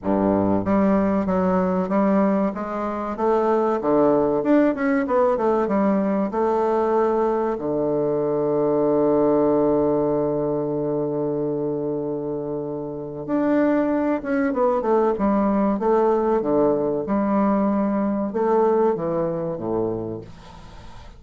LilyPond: \new Staff \with { instrumentName = "bassoon" } { \time 4/4 \tempo 4 = 95 g,4 g4 fis4 g4 | gis4 a4 d4 d'8 cis'8 | b8 a8 g4 a2 | d1~ |
d1~ | d4 d'4. cis'8 b8 a8 | g4 a4 d4 g4~ | g4 a4 e4 a,4 | }